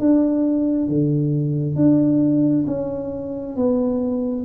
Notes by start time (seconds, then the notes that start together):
0.00 D4
0.88 D3
1.76 D4
2.67 C#4
3.57 B3